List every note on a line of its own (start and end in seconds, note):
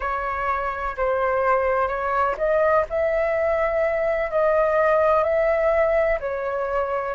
0.00 0.95 C#5
0.97 1.88 C5
1.88 2.35 C#5
2.37 2.85 D#5
2.89 4.31 E5
4.31 5.23 D#5
5.23 6.19 E5
6.19 7.14 C#5